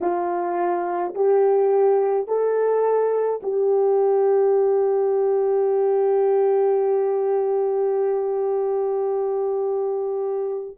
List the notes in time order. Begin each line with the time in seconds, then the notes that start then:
0.01 F4
1.14 G4
2.27 A4
3.42 G4